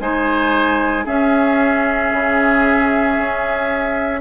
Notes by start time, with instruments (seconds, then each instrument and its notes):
0.00 bassoon G#3, clarinet D#4, oboe C5, flute G#5
1.05 clarinet C#4, bassoon C#4, oboe G#4, flute E5
2.12 bassoon C#3
3.18 bassoon C#4